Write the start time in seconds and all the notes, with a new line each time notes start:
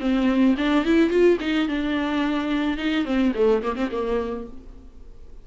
0.00 C4
0.58 D4
0.85 E4
1.10 F4
1.41 D#4
1.68 D4
2.78 D#4
3.05 C4
3.35 A3
3.63 A#3
3.76 C4
3.92 A#3